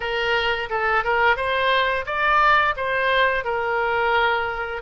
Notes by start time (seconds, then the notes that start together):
0.00 A#4
0.69 A4
1.03 A#4
1.36 C5
2.06 D5
2.76 C5
3.44 A#4